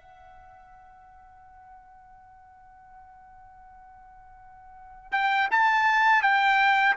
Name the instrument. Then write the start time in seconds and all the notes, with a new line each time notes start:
trumpet
0.00 F#5
5.12 G5
5.51 A5
6.22 G5